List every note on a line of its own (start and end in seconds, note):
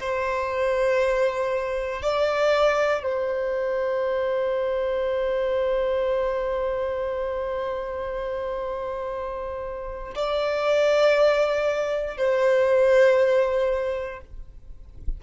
0.00 2.02 C5
2.02 3.03 D5
3.03 10.15 C5
10.16 12.18 D5
12.18 14.21 C5